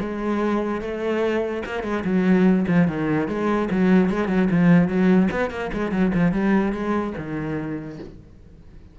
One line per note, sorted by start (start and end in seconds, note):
0.00 0.81 G#3
0.81 1.63 A3
1.66 1.83 A#3
1.83 2.04 G#3
2.05 2.66 F#3
2.68 2.88 F3
2.88 3.28 D#3
3.28 3.69 G#3
3.71 4.10 F#3
4.10 4.28 G#3
4.28 4.49 F#3
4.51 4.88 F3
4.88 5.29 F#3
5.31 5.50 B3
5.50 5.71 A#3
5.73 5.92 G#3
5.92 6.12 F#3
6.14 6.32 F3
6.32 6.73 G3
6.73 7.13 G#3
7.18 7.99 D#3